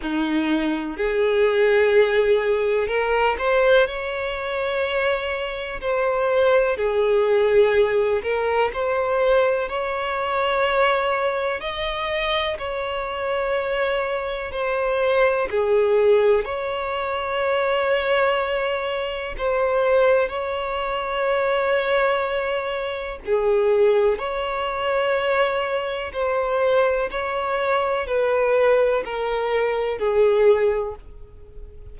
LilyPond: \new Staff \with { instrumentName = "violin" } { \time 4/4 \tempo 4 = 62 dis'4 gis'2 ais'8 c''8 | cis''2 c''4 gis'4~ | gis'8 ais'8 c''4 cis''2 | dis''4 cis''2 c''4 |
gis'4 cis''2. | c''4 cis''2. | gis'4 cis''2 c''4 | cis''4 b'4 ais'4 gis'4 | }